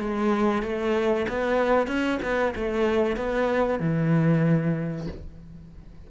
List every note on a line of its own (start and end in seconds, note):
0.00 0.62 G#3
0.62 1.26 A3
1.28 1.87 B3
1.87 2.19 C#4
2.22 2.54 B3
2.56 3.17 A3
3.17 3.79 B3
3.79 5.07 E3